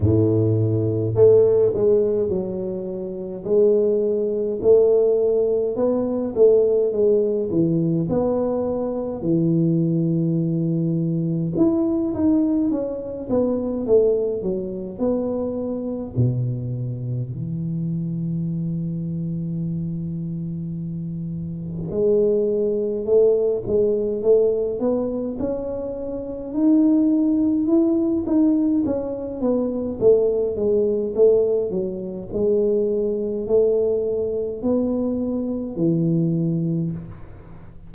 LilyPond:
\new Staff \with { instrumentName = "tuba" } { \time 4/4 \tempo 4 = 52 a,4 a8 gis8 fis4 gis4 | a4 b8 a8 gis8 e8 b4 | e2 e'8 dis'8 cis'8 b8 | a8 fis8 b4 b,4 e4~ |
e2. gis4 | a8 gis8 a8 b8 cis'4 dis'4 | e'8 dis'8 cis'8 b8 a8 gis8 a8 fis8 | gis4 a4 b4 e4 | }